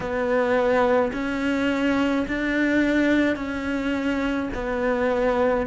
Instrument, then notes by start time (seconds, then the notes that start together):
cello
0.00 B3
1.12 C#4
2.27 D4
3.36 C#4
4.53 B3